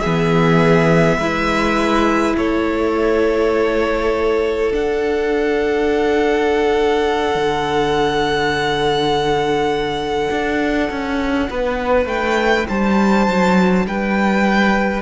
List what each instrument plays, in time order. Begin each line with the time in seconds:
0.00 cello E3, viola B3, violin G#4 E5
1.17 cello G#3, viola E4, violin B4
2.37 cello A3, violin A4 C#5
4.72 cello D4, viola D4, violin F#5
7.35 cello D3
10.31 cello D4
10.90 cello C#4
11.50 cello B3, violin B4
12.05 cello A3, violin G5
12.68 cello G3, violin C5 A5
13.27 cello F#3
13.86 cello G3, violin B4 G5